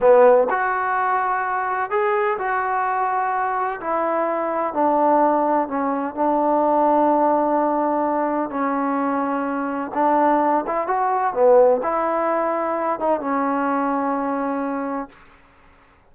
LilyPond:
\new Staff \with { instrumentName = "trombone" } { \time 4/4 \tempo 4 = 127 b4 fis'2. | gis'4 fis'2. | e'2 d'2 | cis'4 d'2.~ |
d'2 cis'2~ | cis'4 d'4. e'8 fis'4 | b4 e'2~ e'8 dis'8 | cis'1 | }